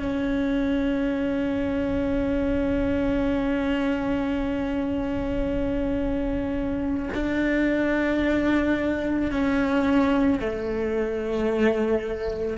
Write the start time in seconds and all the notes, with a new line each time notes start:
0.00 C#4
7.14 D4
9.31 C#4
10.39 A3